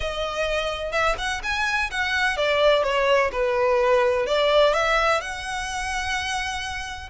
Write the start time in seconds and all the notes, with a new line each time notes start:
0.00 D#5
0.91 E5
1.18 F#5
1.43 G#5
1.90 F#5
2.36 D5
2.83 C#5
3.32 B4
4.26 D5
4.73 E5
5.20 F#5